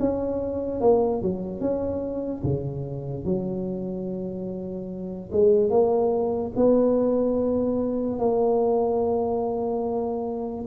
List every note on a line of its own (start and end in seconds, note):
0.00 0.81 C#4
0.81 1.22 A#3
1.23 1.61 F#3
1.61 2.43 C#4
2.44 3.25 C#3
3.25 5.31 F#3
5.32 5.70 G#3
5.70 6.52 A#3
6.56 8.19 B3
8.19 10.66 A#3